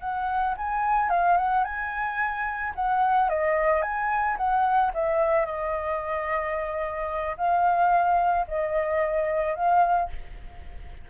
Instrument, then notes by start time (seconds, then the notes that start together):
flute
0.00 F#5
0.57 G#5
1.10 F5
1.37 F#5
1.64 G#5
2.75 F#5
3.29 D#5
3.82 G#5
4.37 F#5
4.94 E5
5.45 D#5
7.37 F5
8.47 D#5
9.55 F5